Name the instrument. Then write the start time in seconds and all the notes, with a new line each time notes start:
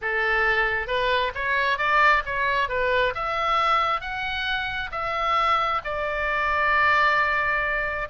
oboe
0.01 A4
0.87 B4
1.34 C#5
1.77 D5
2.25 C#5
2.69 B4
3.14 E5
4.00 F#5
4.91 E5
5.84 D5